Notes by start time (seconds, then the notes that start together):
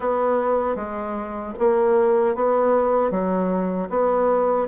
0.00 B3
0.75 G#3
1.58 A#3
2.35 B3
3.11 F#3
3.89 B3